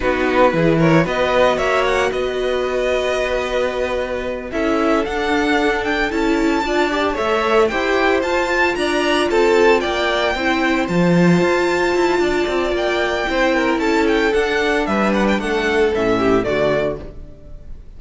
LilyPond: <<
  \new Staff \with { instrumentName = "violin" } { \time 4/4 \tempo 4 = 113 b'4. cis''8 dis''4 e''8 fis''8 | dis''1~ | dis''8 e''4 fis''4. g''8 a''8~ | a''4. e''4 g''4 a''8~ |
a''8 ais''4 a''4 g''4.~ | g''8 a''2.~ a''8 | g''2 a''8 g''8 fis''4 | e''8 fis''16 g''16 fis''4 e''4 d''4 | }
  \new Staff \with { instrumentName = "violin" } { \time 4/4 fis'4 gis'8 ais'8 b'4 cis''4 | b'1~ | b'8 a'2.~ a'8~ | a'8 d''4 cis''4 c''4.~ |
c''8 d''4 a'4 d''4 c''8~ | c''2. d''4~ | d''4 c''8 ais'8 a'2 | b'4 a'4. g'8 fis'4 | }
  \new Staff \with { instrumentName = "viola" } { \time 4/4 dis'4 e'4 fis'2~ | fis'1~ | fis'8 e'4 d'2 e'8~ | e'8 f'8 g'8 a'4 g'4 f'8~ |
f'2.~ f'8 e'8~ | e'8 f'2.~ f'8~ | f'4 e'2 d'4~ | d'2 cis'4 a4 | }
  \new Staff \with { instrumentName = "cello" } { \time 4/4 b4 e4 b4 ais4 | b1~ | b8 cis'4 d'2 cis'8~ | cis'8 d'4 a4 e'4 f'8~ |
f'8 d'4 c'4 ais4 c'8~ | c'8 f4 f'4 e'8 d'8 c'8 | ais4 c'4 cis'4 d'4 | g4 a4 a,4 d4 | }
>>